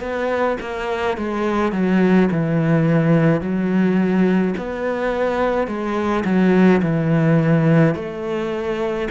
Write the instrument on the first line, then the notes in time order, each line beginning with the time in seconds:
cello
0.00 B3
0.60 A#3
1.17 G#3
1.72 F#3
2.31 E3
3.41 F#3
4.57 B3
5.67 G#3
6.24 F#3
6.82 E3
7.95 A3